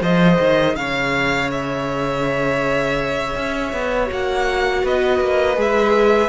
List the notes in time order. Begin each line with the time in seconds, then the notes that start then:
0.00 F3 G#4 C5 D#5
0.39 D#3
0.76 C#3 C#5 F5
1.52 E5
3.36 C#4
3.73 B3
4.06 A#3 F#4
4.13 F#5
4.83 B3 B4 D#5
5.21 A#3
5.56 G#3 G#4 E5